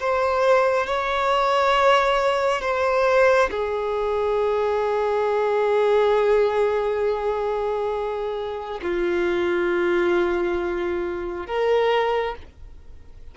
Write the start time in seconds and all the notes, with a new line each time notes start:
0.00 C5
0.87 C#5
2.62 C5
3.51 G#4
8.82 F4
11.47 A#4